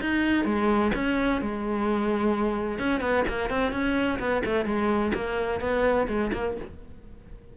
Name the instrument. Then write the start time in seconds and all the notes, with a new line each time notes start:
cello
0.00 D#4
0.45 G#3
0.94 C#4
1.41 G#3
2.78 C#4
3.00 B3
3.28 A#3
3.49 C4
3.72 C#4
4.19 B3
4.45 A3
4.65 G#3
5.14 A#3
5.60 B3
6.07 G#3
6.33 A#3